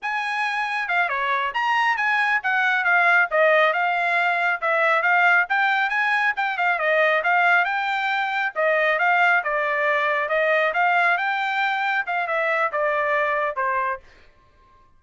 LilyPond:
\new Staff \with { instrumentName = "trumpet" } { \time 4/4 \tempo 4 = 137 gis''2 f''8 cis''4 ais''8~ | ais''8 gis''4 fis''4 f''4 dis''8~ | dis''8 f''2 e''4 f''8~ | f''8 g''4 gis''4 g''8 f''8 dis''8~ |
dis''8 f''4 g''2 dis''8~ | dis''8 f''4 d''2 dis''8~ | dis''8 f''4 g''2 f''8 | e''4 d''2 c''4 | }